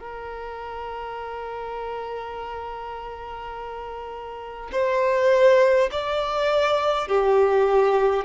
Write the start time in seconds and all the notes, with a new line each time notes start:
0.00 A#4
4.73 C5
5.92 D5
7.08 G4